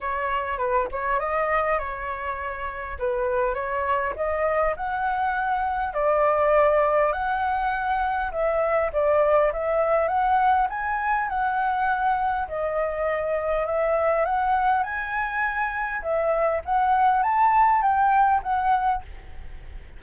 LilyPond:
\new Staff \with { instrumentName = "flute" } { \time 4/4 \tempo 4 = 101 cis''4 b'8 cis''8 dis''4 cis''4~ | cis''4 b'4 cis''4 dis''4 | fis''2 d''2 | fis''2 e''4 d''4 |
e''4 fis''4 gis''4 fis''4~ | fis''4 dis''2 e''4 | fis''4 gis''2 e''4 | fis''4 a''4 g''4 fis''4 | }